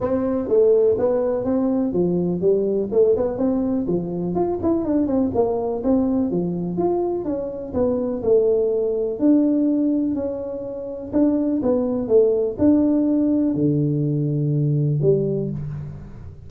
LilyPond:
\new Staff \with { instrumentName = "tuba" } { \time 4/4 \tempo 4 = 124 c'4 a4 b4 c'4 | f4 g4 a8 b8 c'4 | f4 f'8 e'8 d'8 c'8 ais4 | c'4 f4 f'4 cis'4 |
b4 a2 d'4~ | d'4 cis'2 d'4 | b4 a4 d'2 | d2. g4 | }